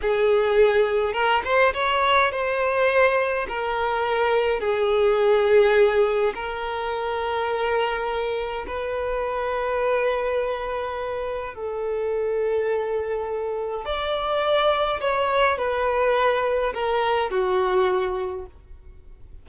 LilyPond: \new Staff \with { instrumentName = "violin" } { \time 4/4 \tempo 4 = 104 gis'2 ais'8 c''8 cis''4 | c''2 ais'2 | gis'2. ais'4~ | ais'2. b'4~ |
b'1 | a'1 | d''2 cis''4 b'4~ | b'4 ais'4 fis'2 | }